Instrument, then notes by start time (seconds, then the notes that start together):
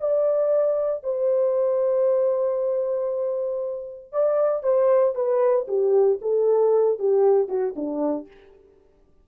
horn
0.00 D5
1.03 C5
4.12 D5
4.63 C5
5.15 B4
5.68 G4
6.21 A4
6.99 G4
7.48 F#4
7.76 D4